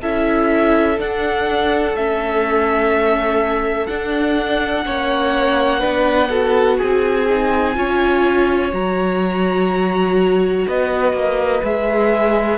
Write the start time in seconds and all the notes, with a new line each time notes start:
0.00 C#4 E4 A4 E5
0.98 D4 F#5
1.93 A3 C#4 E5
3.86 D4 F#5
4.85 A#3 C#4 C#5
5.80 B3 D4 B4
6.29 F#4 A4
6.78 C4 G#4 G#5
7.29 D#4
7.74 C#4 F4 C#5
8.71 F#3 F#4 A#5
10.67 B3 B4 D#5
11.13 A#3
11.63 G#3 G#4 E5